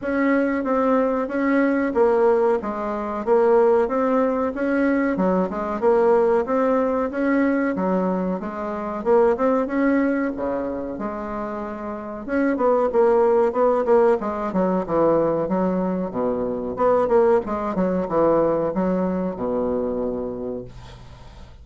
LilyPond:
\new Staff \with { instrumentName = "bassoon" } { \time 4/4 \tempo 4 = 93 cis'4 c'4 cis'4 ais4 | gis4 ais4 c'4 cis'4 | fis8 gis8 ais4 c'4 cis'4 | fis4 gis4 ais8 c'8 cis'4 |
cis4 gis2 cis'8 b8 | ais4 b8 ais8 gis8 fis8 e4 | fis4 b,4 b8 ais8 gis8 fis8 | e4 fis4 b,2 | }